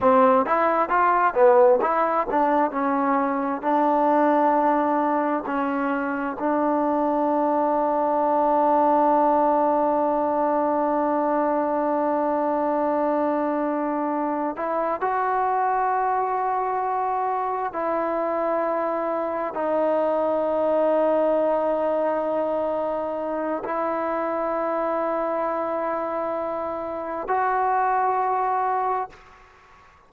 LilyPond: \new Staff \with { instrumentName = "trombone" } { \time 4/4 \tempo 4 = 66 c'8 e'8 f'8 b8 e'8 d'8 cis'4 | d'2 cis'4 d'4~ | d'1~ | d'1 |
e'8 fis'2. e'8~ | e'4. dis'2~ dis'8~ | dis'2 e'2~ | e'2 fis'2 | }